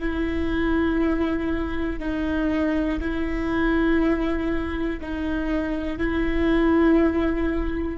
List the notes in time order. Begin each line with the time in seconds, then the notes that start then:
0.00 E4
2.00 D#4
3.01 E4
5.01 D#4
5.98 E4